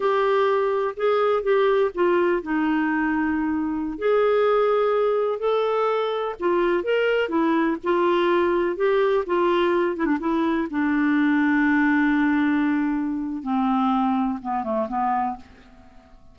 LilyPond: \new Staff \with { instrumentName = "clarinet" } { \time 4/4 \tempo 4 = 125 g'2 gis'4 g'4 | f'4 dis'2.~ | dis'16 gis'2. a'8.~ | a'4~ a'16 f'4 ais'4 e'8.~ |
e'16 f'2 g'4 f'8.~ | f'8. e'16 d'16 e'4 d'4.~ d'16~ | d'1 | c'2 b8 a8 b4 | }